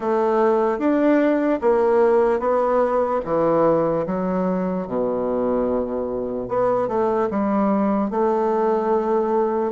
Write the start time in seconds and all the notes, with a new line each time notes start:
0.00 A3
0.79 D4
1.61 A#3
2.39 B3
3.24 E3
4.06 F#3
4.87 B2
6.48 B3
6.88 A3
7.30 G3
8.10 A3